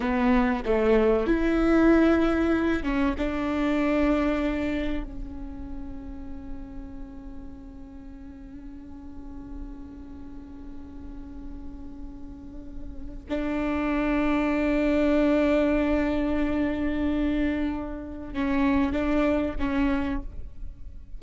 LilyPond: \new Staff \with { instrumentName = "viola" } { \time 4/4 \tempo 4 = 95 b4 a4 e'2~ | e'8 cis'8 d'2. | cis'1~ | cis'1~ |
cis'1~ | cis'4 d'2.~ | d'1~ | d'4 cis'4 d'4 cis'4 | }